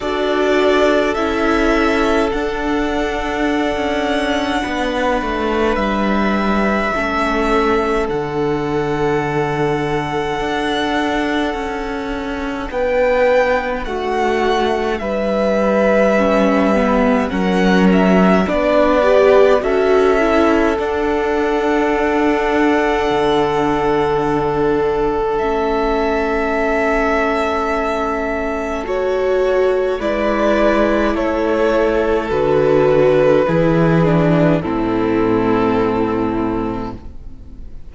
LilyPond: <<
  \new Staff \with { instrumentName = "violin" } { \time 4/4 \tempo 4 = 52 d''4 e''4 fis''2~ | fis''4 e''2 fis''4~ | fis''2. g''4 | fis''4 e''2 fis''8 e''8 |
d''4 e''4 fis''2~ | fis''2 e''2~ | e''4 cis''4 d''4 cis''4 | b'2 a'2 | }
  \new Staff \with { instrumentName = "violin" } { \time 4/4 a'1 | b'2 a'2~ | a'2. b'4 | fis'4 b'2 ais'4 |
b'4 a'2.~ | a'1~ | a'2 b'4 a'4~ | a'4 gis'4 e'2 | }
  \new Staff \with { instrumentName = "viola" } { \time 4/4 fis'4 e'4 d'2~ | d'2 cis'4 d'4~ | d'1~ | d'2 cis'8 b8 cis'4 |
d'8 g'8 fis'8 e'8 d'2~ | d'2 cis'2~ | cis'4 fis'4 e'2 | fis'4 e'8 d'8 c'2 | }
  \new Staff \with { instrumentName = "cello" } { \time 4/4 d'4 cis'4 d'4~ d'16 cis'8. | b8 a8 g4 a4 d4~ | d4 d'4 cis'4 b4 | a4 g2 fis4 |
b4 cis'4 d'2 | d2 a2~ | a2 gis4 a4 | d4 e4 a,2 | }
>>